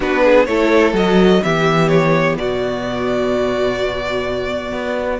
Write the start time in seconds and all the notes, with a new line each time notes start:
0.00 B3 D4 F#4 B4
0.24 G#4
0.45 A3 E4 A4 C#5
0.93 F#3 F#4 D#5
1.42 E3 B3 G4 E5
1.88 C#5
2.37 B2 F#4 D5
4.71 B3